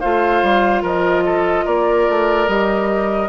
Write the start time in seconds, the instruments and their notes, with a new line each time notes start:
0.00 bassoon A3, clarinet F4, oboe C5, flute F5
0.42 bassoon G3
0.83 bassoon F3, oboe A#4, flute D#5
1.25 oboe A4
1.65 bassoon A#3, oboe A#4, flute D5
2.09 bassoon A3
2.48 bassoon G3, clarinet G4, flute D#5